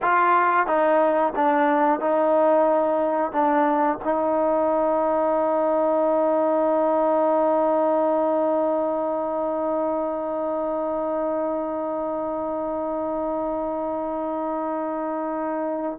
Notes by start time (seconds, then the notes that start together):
0.02 F4
0.66 D#4
1.35 D4
1.99 D#4
3.32 D4
4.04 D#4